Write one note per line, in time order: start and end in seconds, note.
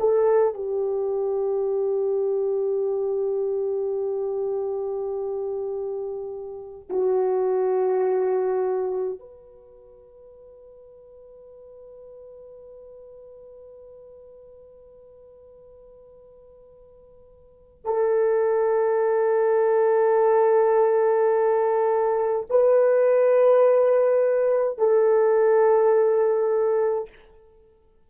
0.00 0.55 A4
0.55 6.89 G4
6.90 9.20 F#4
9.20 17.85 B4
17.85 22.47 A4
22.50 24.79 B4
24.79 27.09 A4